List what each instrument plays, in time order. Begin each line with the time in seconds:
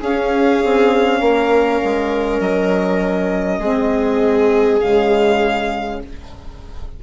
0.00 saxophone C#4, bassoon C#4, viola G#4, violin F5
0.64 bassoon C4
1.20 bassoon A#3, viola A#4
1.83 bassoon G#3
2.40 bassoon F#3, violin D#5
3.59 bassoon G#3, saxophone C4, viola G#4
4.80 bassoon C#3, saxophone G#3, violin F5